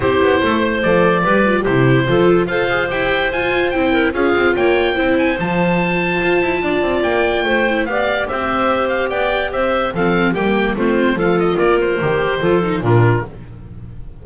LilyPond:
<<
  \new Staff \with { instrumentName = "oboe" } { \time 4/4 \tempo 4 = 145 c''2 d''2 | c''2 f''4 g''4 | gis''4 g''4 f''4 g''4~ | g''8 gis''8 a''2.~ |
a''4 g''2 f''4 | e''4. f''8 g''4 e''4 | f''4 g''4 c''4 f''8 dis''8 | d''8 c''2~ c''8 ais'4 | }
  \new Staff \with { instrumentName = "clarinet" } { \time 4/4 g'4 a'8 c''4. b'4 | g'4 a'4 c''2~ | c''4. ais'8 gis'4 cis''4 | c''1 |
d''2 c''4 d''4 | c''2 d''4 c''4 | a'4 g'4 f'4 a'4 | ais'2 a'4 f'4 | }
  \new Staff \with { instrumentName = "viola" } { \time 4/4 e'2 a'4 g'8 f'8 | e'4 f'4 a'8 gis'8 g'4 | f'4 e'4 f'2 | e'4 f'2.~ |
f'2~ f'8 e'8 g'4~ | g'1 | c'4 ais4 c'4 f'4~ | f'4 g'4 f'8 dis'8 d'4 | }
  \new Staff \with { instrumentName = "double bass" } { \time 4/4 c'8 b8 a4 f4 g4 | c4 f4 f'4 e'4 | f'4 c'4 cis'8 c'8 ais4 | c'4 f2 f'8 e'8 |
d'8 c'8 ais4 a4 b4 | c'2 b4 c'4 | f4 g4 a4 f4 | ais4 dis4 f4 ais,4 | }
>>